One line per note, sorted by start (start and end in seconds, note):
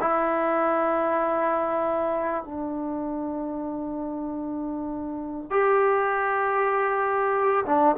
0.00 2.44 E4
2.44 5.50 D4
5.50 7.64 G4
7.65 7.96 D4